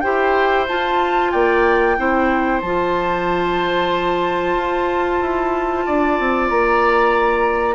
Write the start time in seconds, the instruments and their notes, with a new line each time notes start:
0.00 bassoon E4, clarinet G4, oboe C5, flute G5
0.68 clarinet F4, bassoon F4, flute A5
1.31 bassoon A#3, oboe D5, flute G5
1.97 bassoon C4, clarinet E4, oboe C5
2.61 bassoon F3, clarinet F4, flute A5
4.55 bassoon F4
5.21 bassoon E4
5.86 bassoon D4, oboe D5
6.19 bassoon C4
6.49 bassoon A#3, flute A#5